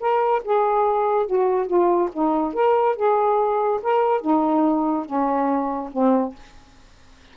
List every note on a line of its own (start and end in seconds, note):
0.00 0.42 A#4
0.45 1.26 G#4
1.26 1.67 F#4
1.67 2.09 F4
2.13 2.54 D#4
2.54 2.96 A#4
2.96 3.80 G#4
3.82 4.21 A#4
4.21 5.06 D#4
5.06 5.90 C#4
5.93 6.35 C4